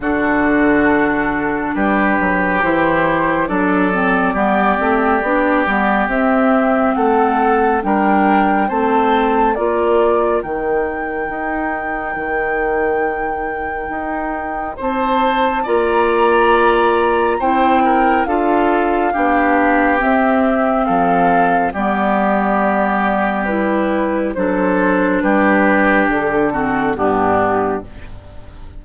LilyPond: <<
  \new Staff \with { instrumentName = "flute" } { \time 4/4 \tempo 4 = 69 a'2 b'4 c''4 | d''2. e''4 | fis''4 g''4 a''4 d''4 | g''1~ |
g''4 a''4 ais''2 | g''4 f''2 e''4 | f''4 d''2 b'4 | c''4 b'4 a'4 g'4 | }
  \new Staff \with { instrumentName = "oboe" } { \time 4/4 fis'2 g'2 | a'4 g'2. | a'4 ais'4 c''4 ais'4~ | ais'1~ |
ais'4 c''4 d''2 | c''8 ais'8 a'4 g'2 | a'4 g'2. | a'4 g'4. fis'8 d'4 | }
  \new Staff \with { instrumentName = "clarinet" } { \time 4/4 d'2. e'4 | d'8 c'8 b8 c'8 d'8 b8 c'4~ | c'4 d'4 c'4 f'4 | dis'1~ |
dis'2 f'2 | e'4 f'4 d'4 c'4~ | c'4 b2 e'4 | d'2~ d'8 c'8 b4 | }
  \new Staff \with { instrumentName = "bassoon" } { \time 4/4 d2 g8 fis8 e4 | fis4 g8 a8 b8 g8 c'4 | a4 g4 a4 ais4 | dis4 dis'4 dis2 |
dis'4 c'4 ais2 | c'4 d'4 b4 c'4 | f4 g2. | fis4 g4 d4 g,4 | }
>>